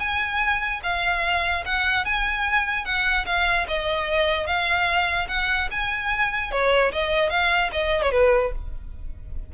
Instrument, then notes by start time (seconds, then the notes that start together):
violin
0.00 G#5
0.83 F5
1.66 F#5
2.05 G#5
2.85 F#5
3.26 F5
3.68 D#5
4.47 F5
5.29 F#5
5.72 G#5
6.52 C#5
6.93 D#5
7.30 F5
7.72 D#5
8.03 C#5
8.12 B4